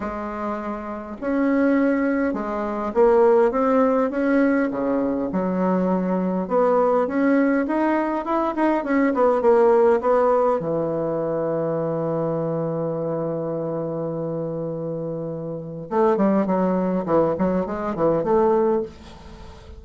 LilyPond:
\new Staff \with { instrumentName = "bassoon" } { \time 4/4 \tempo 4 = 102 gis2 cis'2 | gis4 ais4 c'4 cis'4 | cis4 fis2 b4 | cis'4 dis'4 e'8 dis'8 cis'8 b8 |
ais4 b4 e2~ | e1~ | e2. a8 g8 | fis4 e8 fis8 gis8 e8 a4 | }